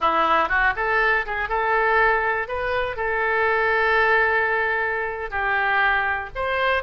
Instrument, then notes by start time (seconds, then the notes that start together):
oboe
0.00 E4
0.48 F#4
0.76 A4
1.26 G#4
1.49 A4
2.48 B4
2.96 A4
5.30 G4
6.35 C5